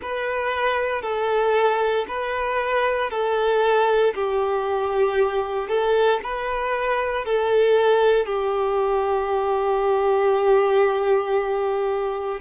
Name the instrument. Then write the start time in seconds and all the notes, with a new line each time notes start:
violin
0.02 B4
1.02 A4
2.07 B4
3.10 A4
4.14 G4
5.68 A4
6.23 B4
7.25 A4
8.26 G4